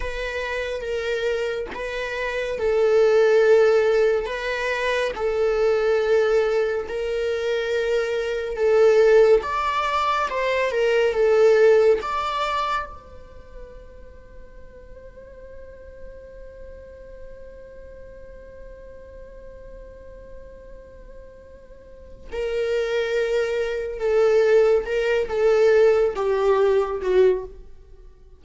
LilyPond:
\new Staff \with { instrumentName = "viola" } { \time 4/4 \tempo 4 = 70 b'4 ais'4 b'4 a'4~ | a'4 b'4 a'2 | ais'2 a'4 d''4 | c''8 ais'8 a'4 d''4 c''4~ |
c''1~ | c''1~ | c''2 ais'2 | a'4 ais'8 a'4 g'4 fis'8 | }